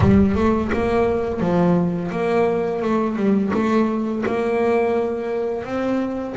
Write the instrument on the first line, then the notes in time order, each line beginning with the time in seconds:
double bass
0.00 G3
0.35 A3
0.72 A#3
1.40 F3
2.11 A#3
2.82 A3
3.16 G3
3.53 A3
4.25 A#3
5.64 C4